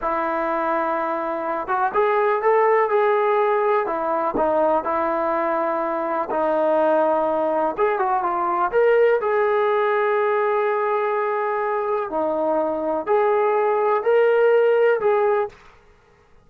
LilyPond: \new Staff \with { instrumentName = "trombone" } { \time 4/4 \tempo 4 = 124 e'2.~ e'8 fis'8 | gis'4 a'4 gis'2 | e'4 dis'4 e'2~ | e'4 dis'2. |
gis'8 fis'8 f'4 ais'4 gis'4~ | gis'1~ | gis'4 dis'2 gis'4~ | gis'4 ais'2 gis'4 | }